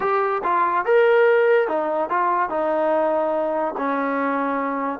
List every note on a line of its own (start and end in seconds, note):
0.00 0.41 G4
0.43 0.85 F4
0.85 1.67 A#4
1.67 2.09 D#4
2.09 2.49 F4
2.49 3.74 D#4
3.77 4.99 C#4